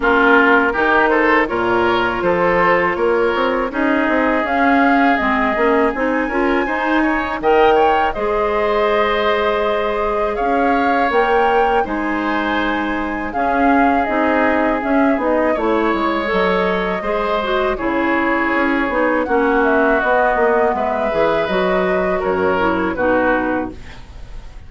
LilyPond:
<<
  \new Staff \with { instrumentName = "flute" } { \time 4/4 \tempo 4 = 81 ais'4. c''8 cis''4 c''4 | cis''4 dis''4 f''4 dis''4 | gis''2 g''4 dis''4~ | dis''2 f''4 g''4 |
gis''2 f''4 dis''4 | e''8 dis''8 cis''4 dis''2 | cis''2 fis''8 e''8 dis''4 | e''4 dis''4 cis''4 b'4 | }
  \new Staff \with { instrumentName = "oboe" } { \time 4/4 f'4 g'8 a'8 ais'4 a'4 | ais'4 gis'2.~ | gis'8 ais'8 c''8 cis''8 dis''8 cis''8 c''4~ | c''2 cis''2 |
c''2 gis'2~ | gis'4 cis''2 c''4 | gis'2 fis'2 | b'2 ais'4 fis'4 | }
  \new Staff \with { instrumentName = "clarinet" } { \time 4/4 cis'4 dis'4 f'2~ | f'4 dis'4 cis'4 c'8 cis'8 | dis'8 f'8 dis'4 ais'4 gis'4~ | gis'2. ais'4 |
dis'2 cis'4 dis'4 | cis'8 dis'8 e'4 a'4 gis'8 fis'8 | e'4. dis'8 cis'4 b4~ | b8 gis'8 fis'4. e'8 dis'4 | }
  \new Staff \with { instrumentName = "bassoon" } { \time 4/4 ais4 dis4 ais,4 f4 | ais8 c'8 cis'8 c'8 cis'4 gis8 ais8 | c'8 cis'8 dis'4 dis4 gis4~ | gis2 cis'4 ais4 |
gis2 cis'4 c'4 | cis'8 b8 a8 gis8 fis4 gis4 | cis4 cis'8 b8 ais4 b8 ais8 | gis8 e8 fis4 fis,4 b,4 | }
>>